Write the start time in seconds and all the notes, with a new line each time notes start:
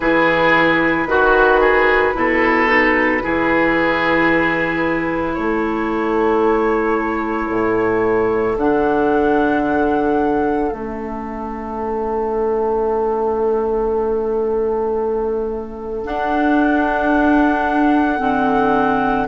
0.00 E3 E4 G#4 B4
1.06 D#3 F#4
1.60 G#4
2.14 B2 E4 A4
2.67 D#4
3.22 E3 E4 G#4
5.34 A3 A4 C#5
7.49 A2
8.57 D3 D4 F#5
10.71 A3 C#4 E5
16.04 D4 F#5
18.19 D3 C4